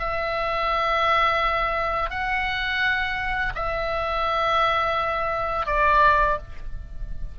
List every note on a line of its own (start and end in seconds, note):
0.00 2.11 E5
2.11 3.54 F#5
3.56 5.67 E5
5.67 6.38 D5